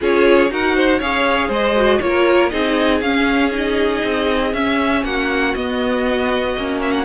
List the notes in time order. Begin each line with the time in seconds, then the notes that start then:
0.00 C#4 F4 G#4 C#5
0.49 D#4 F#4 A#4 F#5
0.75 C5
0.99 C#4 G#4 C#5 F5
1.47 G#3 C5 D#5
1.75 F#4
2.00 A#3 F4 A#4 C#5
2.49 C4 D#4 G#4 D#5
3.00 C#4 F5
3.51 D#4 D#5
4.03 C4
4.53 C#4 E5
5.03 A#3 F#4 F#5
5.54 B3 D#5
6.57 A#3 C#4
6.81 E5
6.91 F#5